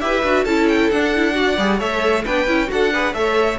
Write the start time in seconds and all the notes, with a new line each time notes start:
0.00 E4 G4 B4 E5
0.22 D4 F#4
0.44 C#4 E4 A4 A5
0.68 G5
0.90 D4 F#5
1.14 E4
1.33 F#4 D5
1.57 G3 G#4
1.78 A3 A4 C#5 E5
2.24 B3 D4 B4 G5
2.47 C#4 E4
2.67 D4 F#4 A4 F#5
2.93 G#4 B4
3.13 A3 A4 C#5 E5